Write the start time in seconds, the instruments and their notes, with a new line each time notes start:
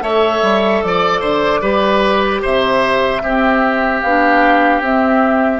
0.00 bassoon A3, clarinet A4, oboe C#5, flute E5
0.42 bassoon G3
0.83 bassoon F3, flute D5, oboe D5
1.20 bassoon D3, oboe C5
1.61 bassoon G3, clarinet G4, oboe B4
2.42 bassoon C3, oboe C5, flute E5
3.22 bassoon C4, clarinet C4, oboe G4
4.02 bassoon B3, clarinet D4, flute F5
4.80 bassoon C4, clarinet C4, flute E5